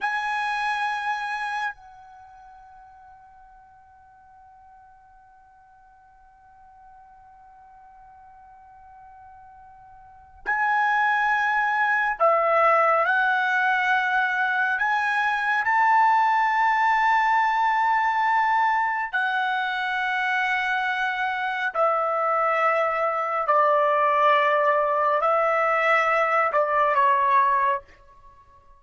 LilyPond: \new Staff \with { instrumentName = "trumpet" } { \time 4/4 \tempo 4 = 69 gis''2 fis''2~ | fis''1~ | fis''1 | gis''2 e''4 fis''4~ |
fis''4 gis''4 a''2~ | a''2 fis''2~ | fis''4 e''2 d''4~ | d''4 e''4. d''8 cis''4 | }